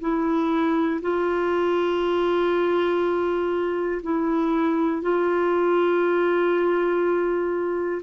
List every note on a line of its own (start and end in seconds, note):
0.00 1.00 E4
1.01 4.01 F4
4.02 5.02 E4
5.02 8.02 F4